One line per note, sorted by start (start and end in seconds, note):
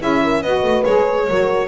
0.00 0.44 C#4
0.00 0.42 E4
0.00 0.23 G#4
0.00 0.43 E5
0.24 0.43 A#4
0.43 0.63 B3
0.43 0.87 F#4
0.43 1.27 B4
0.43 0.85 D#5
0.63 0.84 A3
0.85 1.29 G#3
0.85 1.29 G#4
0.85 1.69 C#5
1.29 1.69 F#3
1.29 1.69 F#4
1.29 1.69 A#4